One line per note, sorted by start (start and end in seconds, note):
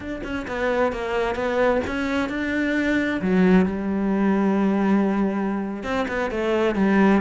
0.00 0.21 D4
0.23 0.46 C#4
0.47 0.92 B3
0.92 1.35 A#3
1.35 1.81 B3
1.86 2.29 C#4
2.29 3.21 D4
3.21 3.65 F#3
3.65 5.83 G3
5.83 6.06 C4
6.07 6.30 B3
6.31 6.75 A3
6.75 7.21 G3